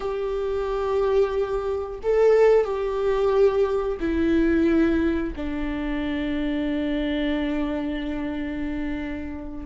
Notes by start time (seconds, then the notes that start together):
0.00 G4
2.02 A4
2.64 G4
4.00 E4
5.35 D4